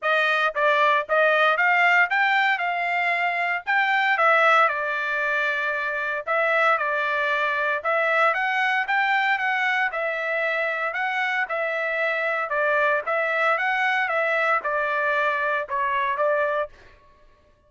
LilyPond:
\new Staff \with { instrumentName = "trumpet" } { \time 4/4 \tempo 4 = 115 dis''4 d''4 dis''4 f''4 | g''4 f''2 g''4 | e''4 d''2. | e''4 d''2 e''4 |
fis''4 g''4 fis''4 e''4~ | e''4 fis''4 e''2 | d''4 e''4 fis''4 e''4 | d''2 cis''4 d''4 | }